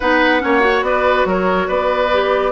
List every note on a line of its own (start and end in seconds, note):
0.00 0.43 B3
0.00 0.40 D#4
0.00 0.42 B4
0.00 0.83 F#5
0.40 0.81 A#3
0.40 0.60 C#4
0.40 0.85 C#5
0.60 2.08 F#4
0.81 1.24 B3
0.81 1.28 B4
0.81 1.25 D5
1.25 1.67 F#3
1.25 1.67 A#4
1.25 1.68 C#5
1.67 2.51 B3
1.67 2.51 B4
1.67 2.51 D5
2.12 2.51 G4